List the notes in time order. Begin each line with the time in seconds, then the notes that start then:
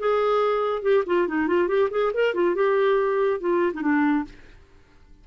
0.00 G#4
0.83 G4
1.07 F4
1.28 D#4
1.48 F4
1.68 G4
1.91 G#4
2.14 A#4
2.35 F4
2.55 G4
3.41 F4
3.74 D#4
3.82 D4